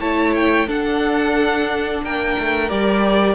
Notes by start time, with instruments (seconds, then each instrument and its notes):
0.00 cello A3, viola E4, violin C#5 A5
0.35 violin G5
0.67 cello D4, viola D4, violin A4 F#5
2.03 cello A#3, violin A#4 G5
2.39 cello A3
2.69 cello G3, viola G4, violin D5